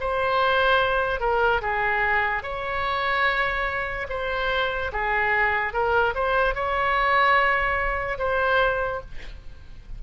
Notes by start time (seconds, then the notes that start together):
0.00 C5
1.20 A#4
1.61 G#4
2.43 C#5
4.09 C5
4.92 G#4
5.73 A#4
6.15 C5
6.55 C#5
8.19 C5